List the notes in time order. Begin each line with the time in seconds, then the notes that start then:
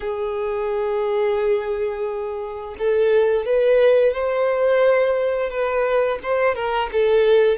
0.00 G#4
2.78 A4
3.45 B4
4.13 C5
5.50 B4
6.22 C5
6.55 A#4
6.92 A4